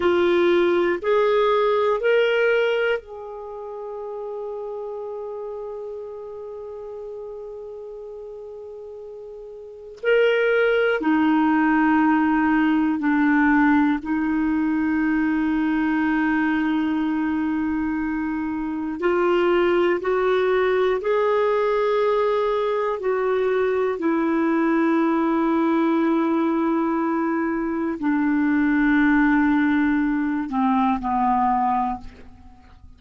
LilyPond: \new Staff \with { instrumentName = "clarinet" } { \time 4/4 \tempo 4 = 60 f'4 gis'4 ais'4 gis'4~ | gis'1~ | gis'2 ais'4 dis'4~ | dis'4 d'4 dis'2~ |
dis'2. f'4 | fis'4 gis'2 fis'4 | e'1 | d'2~ d'8 c'8 b4 | }